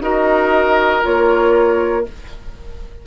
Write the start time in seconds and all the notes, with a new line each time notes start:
0.00 D#4 F#4 A#4 D#5
1.02 A#3 F4 C#5